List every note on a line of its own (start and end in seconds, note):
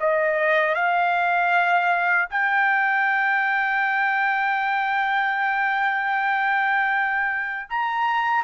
0.00 0.75 D#5
0.75 2.29 F5
2.30 7.69 G5
7.70 8.44 A#5